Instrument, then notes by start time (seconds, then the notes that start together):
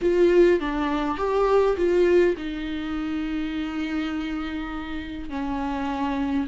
viola
0.01 F4
0.59 D4
1.17 G4
1.76 F4
2.37 D#4
5.29 C#4